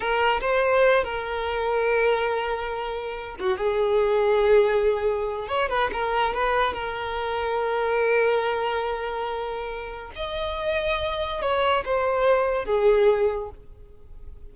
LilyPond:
\new Staff \with { instrumentName = "violin" } { \time 4/4 \tempo 4 = 142 ais'4 c''4. ais'4.~ | ais'1 | fis'8 gis'2.~ gis'8~ | gis'4 cis''8 b'8 ais'4 b'4 |
ais'1~ | ais'1 | dis''2. cis''4 | c''2 gis'2 | }